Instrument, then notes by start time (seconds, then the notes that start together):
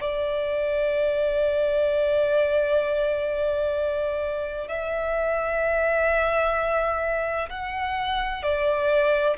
violin
0.00 D5
4.67 E5
7.49 F#5
8.42 D5